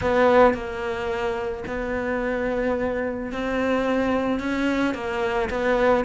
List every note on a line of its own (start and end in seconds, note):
0.01 0.54 B3
0.54 1.64 A#3
1.67 3.32 B3
3.32 4.39 C4
4.39 4.94 C#4
4.94 5.49 A#3
5.50 6.05 B3